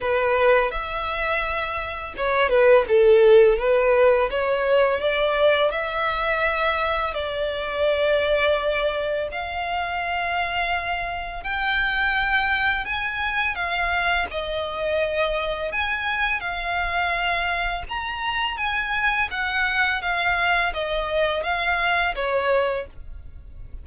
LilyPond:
\new Staff \with { instrumentName = "violin" } { \time 4/4 \tempo 4 = 84 b'4 e''2 cis''8 b'8 | a'4 b'4 cis''4 d''4 | e''2 d''2~ | d''4 f''2. |
g''2 gis''4 f''4 | dis''2 gis''4 f''4~ | f''4 ais''4 gis''4 fis''4 | f''4 dis''4 f''4 cis''4 | }